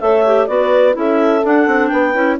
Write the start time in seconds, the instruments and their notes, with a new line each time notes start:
0.00 bassoon A3, clarinet A4 E5, horn C#5
0.26 clarinet G4
0.47 bassoon B3, clarinet F#4 D5, horn B4
0.92 bassoon C#4, clarinet E4, horn A4
0.98 clarinet E5
1.43 clarinet D4 F#5, bassoon D4
1.67 bassoon C4
1.87 bassoon B3, horn B4, clarinet G5
2.14 bassoon C#4, clarinet E4